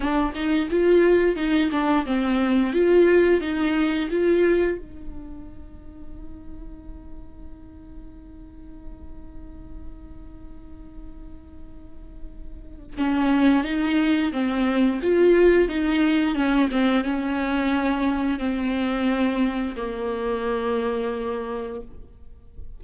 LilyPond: \new Staff \with { instrumentName = "viola" } { \time 4/4 \tempo 4 = 88 d'8 dis'8 f'4 dis'8 d'8 c'4 | f'4 dis'4 f'4 dis'4~ | dis'1~ | dis'1~ |
dis'2. cis'4 | dis'4 c'4 f'4 dis'4 | cis'8 c'8 cis'2 c'4~ | c'4 ais2. | }